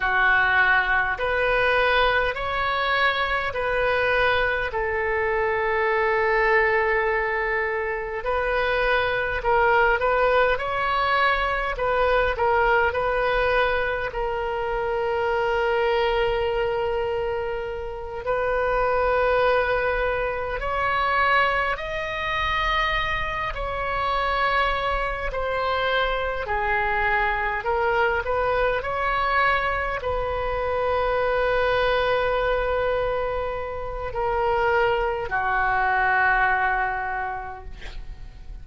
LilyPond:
\new Staff \with { instrumentName = "oboe" } { \time 4/4 \tempo 4 = 51 fis'4 b'4 cis''4 b'4 | a'2. b'4 | ais'8 b'8 cis''4 b'8 ais'8 b'4 | ais'2.~ ais'8 b'8~ |
b'4. cis''4 dis''4. | cis''4. c''4 gis'4 ais'8 | b'8 cis''4 b'2~ b'8~ | b'4 ais'4 fis'2 | }